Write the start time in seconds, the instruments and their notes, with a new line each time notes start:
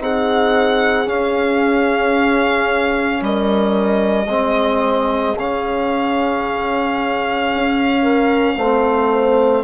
0.00 bassoon C4, trombone D#4, horn G#4, violin F#5
1.06 trombone C#4, bassoon C#4, violin F5
3.22 bassoon G3, horn A#4, violin D#5
4.27 bassoon G#3, trombone C4, horn G#4
5.37 bassoon C#3, trombone C#4, violin F5
7.54 bassoon C#4
8.02 horn A#4
8.56 bassoon A3, trombone C4, horn C5